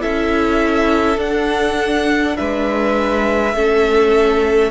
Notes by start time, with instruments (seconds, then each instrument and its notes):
0.00 cello C#4, viola E4, violin A4 E5
1.17 cello D4, viola D4, violin F#5
2.37 cello G#3, violin B4 E5
3.54 cello A3, viola C#4, violin A4